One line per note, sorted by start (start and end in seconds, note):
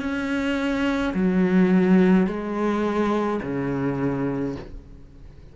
0.00 1.13 C#4
1.14 2.26 F#3
2.26 3.40 G#3
3.42 4.55 C#3